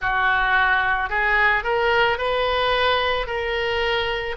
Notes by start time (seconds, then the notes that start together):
0.00 F#4
1.09 G#4
1.63 A#4
2.18 B4
3.27 A#4